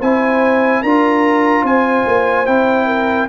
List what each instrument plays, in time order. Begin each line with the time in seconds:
0.00 tuba C4, trombone E4, horn C5, trumpet G#5
0.82 tuba D4, trombone F4, horn A#4, trumpet A#5
1.63 tuba C4, horn C5, trumpet G#5
2.06 tuba A#3
2.46 tuba C4, trombone E4, trumpet G5
2.86 horn A#4